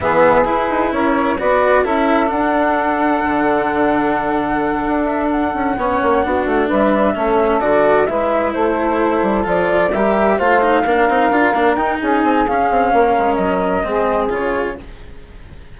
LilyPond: <<
  \new Staff \with { instrumentName = "flute" } { \time 4/4 \tempo 4 = 130 e''4 b'4 cis''4 d''4 | e''4 fis''2.~ | fis''2. e''8 fis''8~ | fis''2~ fis''8 e''4.~ |
e''8 d''4 e''4 c''4.~ | c''8 d''4 e''4 f''4.~ | f''4. g''8 gis''4 f''4~ | f''4 dis''2 cis''4 | }
  \new Staff \with { instrumentName = "saxophone" } { \time 4/4 gis'2 ais'4 b'4 | a'1~ | a'1~ | a'8 cis''4 fis'4 b'4 a'8~ |
a'4. b'4 a'4.~ | a'4. ais'4 c''4 ais'8~ | ais'2 gis'2 | ais'2 gis'2 | }
  \new Staff \with { instrumentName = "cello" } { \time 4/4 b4 e'2 fis'4 | e'4 d'2.~ | d'1~ | d'8 cis'4 d'2 cis'8~ |
cis'8 fis'4 e'2~ e'8~ | e'8 f'4 g'4 f'8 dis'8 d'8 | dis'8 f'8 d'8 dis'4. cis'4~ | cis'2 c'4 f'4 | }
  \new Staff \with { instrumentName = "bassoon" } { \time 4/4 e4 e'8 dis'8 cis'4 b4 | cis'4 d'2 d4~ | d2~ d8 d'4. | cis'8 b8 ais8 b8 a8 g4 a8~ |
a8 d4 gis4 a4. | g8 f4 g4 a4 ais8 | c'8 d'8 ais8 dis'8 cis'8 c'8 cis'8 c'8 | ais8 gis8 fis4 gis4 cis4 | }
>>